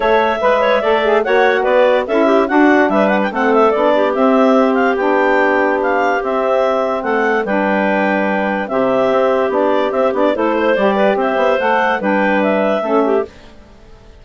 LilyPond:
<<
  \new Staff \with { instrumentName = "clarinet" } { \time 4/4 \tempo 4 = 145 e''2. fis''4 | d''4 e''4 fis''4 e''8 fis''16 g''16 | fis''8 e''8 d''4 e''4. f''8 | g''2 f''4 e''4~ |
e''4 fis''4 g''2~ | g''4 e''2 d''4 | e''8 d''8 c''4 d''4 e''4 | fis''4 g''4 e''2 | }
  \new Staff \with { instrumentName = "clarinet" } { \time 4/4 cis''4 b'8 cis''8 d''4 cis''4 | b'4 a'8 g'8 fis'4 b'4 | a'4. g'2~ g'8~ | g'1~ |
g'4 a'4 b'2~ | b'4 g'2.~ | g'4 a'8 c''4 b'8 c''4~ | c''4 b'2 a'8 g'8 | }
  \new Staff \with { instrumentName = "saxophone" } { \time 4/4 a'4 b'4 a'8 gis'8 fis'4~ | fis'4 e'4 d'2 | c'4 d'4 c'2 | d'2. c'4~ |
c'2 d'2~ | d'4 c'2 d'4 | c'8 d'8 e'4 g'2 | a'4 d'2 cis'4 | }
  \new Staff \with { instrumentName = "bassoon" } { \time 4/4 a4 gis4 a4 ais4 | b4 cis'4 d'4 g4 | a4 b4 c'2 | b2. c'4~ |
c'4 a4 g2~ | g4 c4 c'4 b4 | c'8 b8 a4 g4 c'8 b8 | a4 g2 a4 | }
>>